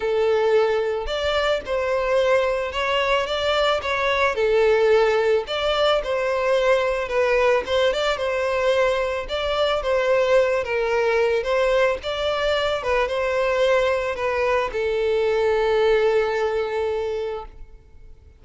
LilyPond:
\new Staff \with { instrumentName = "violin" } { \time 4/4 \tempo 4 = 110 a'2 d''4 c''4~ | c''4 cis''4 d''4 cis''4 | a'2 d''4 c''4~ | c''4 b'4 c''8 d''8 c''4~ |
c''4 d''4 c''4. ais'8~ | ais'4 c''4 d''4. b'8 | c''2 b'4 a'4~ | a'1 | }